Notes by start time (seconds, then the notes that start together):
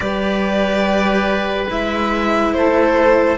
0.00 G3 G4 B4 D5
1.68 G#3 E4 E5
2.53 A3 A4 C5